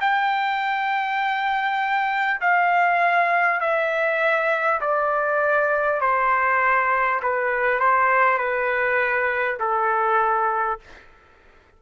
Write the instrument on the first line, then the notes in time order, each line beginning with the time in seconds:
trumpet
0.00 G5
2.41 F5
3.60 E5
4.81 D5
6.01 C5
7.22 B4
7.79 C5
8.38 B4
9.59 A4